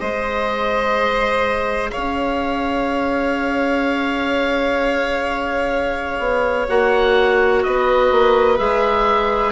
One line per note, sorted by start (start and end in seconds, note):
0.00 1.92 G#3
0.00 6.68 G#4
0.00 1.91 C5
0.00 1.90 D#5
1.91 7.64 C#5
1.91 6.67 F5
1.97 6.19 C#4
6.19 6.67 B3
6.68 7.65 A#3
6.68 8.58 F#4
6.68 7.63 F#5
7.63 8.12 B3
7.63 9.52 B4
7.63 8.59 D#5
8.12 8.59 A#3
8.58 9.52 G#3
8.58 9.52 G#4
8.58 9.52 E5